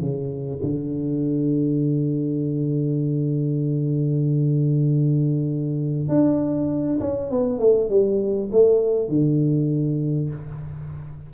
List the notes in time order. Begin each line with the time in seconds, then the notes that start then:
0.00 C#3
0.63 D3
6.09 D4
7.00 C#4
7.31 B3
7.59 A3
7.90 G3
8.52 A3
9.09 D3